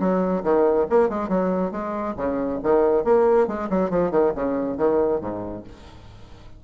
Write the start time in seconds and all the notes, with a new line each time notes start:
0.00 F#3
0.44 D#3
0.90 A#3
1.09 G#3
1.29 F#3
1.72 G#3
2.17 C#3
2.63 D#3
3.04 A#3
3.48 G#3
3.70 F#3
3.90 F3
4.11 D#3
4.35 C#3
4.78 D#3
5.21 G#2